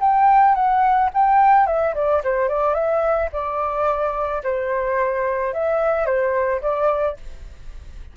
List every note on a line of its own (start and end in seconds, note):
0.00 0.55 G5
0.55 1.10 F#5
1.14 1.66 G5
1.66 1.94 E5
1.94 2.22 D5
2.23 2.48 C5
2.48 2.74 D5
2.74 3.29 E5
3.32 4.42 D5
4.43 5.53 C5
5.53 6.06 E5
6.06 6.61 C5
6.61 7.16 D5